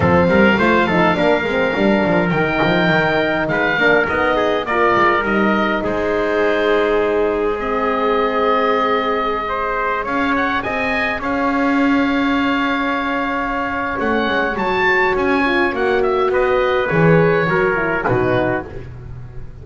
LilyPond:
<<
  \new Staff \with { instrumentName = "oboe" } { \time 4/4 \tempo 4 = 103 f''1 | g''2 f''4 dis''4 | d''4 dis''4 c''2~ | c''4 dis''2.~ |
dis''4~ dis''16 f''8 fis''8 gis''4 f''8.~ | f''1 | fis''4 a''4 gis''4 fis''8 e''8 | dis''4 cis''2 b'4 | }
  \new Staff \with { instrumentName = "trumpet" } { \time 4/4 a'8 ais'8 c''8 a'8 ais'2~ | ais'2 b'8 ais'4 gis'8 | ais'2 gis'2~ | gis'1~ |
gis'16 c''4 cis''4 dis''4 cis''8.~ | cis''1~ | cis''1 | b'2 ais'4 fis'4 | }
  \new Staff \with { instrumentName = "horn" } { \time 4/4 c'4 f'8 dis'8 d'8 c'8 d'4 | dis'2~ dis'8 d'8 dis'4 | f'4 dis'2.~ | dis'4 c'2.~ |
c'16 gis'2.~ gis'8.~ | gis'1 | cis'4 fis'4. f'8 fis'4~ | fis'4 gis'4 fis'8 e'8 dis'4 | }
  \new Staff \with { instrumentName = "double bass" } { \time 4/4 f8 g8 a8 f8 ais8 gis8 g8 f8 | dis8 f8 dis4 gis8 ais8 b4 | ais8 gis8 g4 gis2~ | gis1~ |
gis4~ gis16 cis'4 c'4 cis'8.~ | cis'1 | a8 gis8 fis4 cis'4 ais4 | b4 e4 fis4 b,4 | }
>>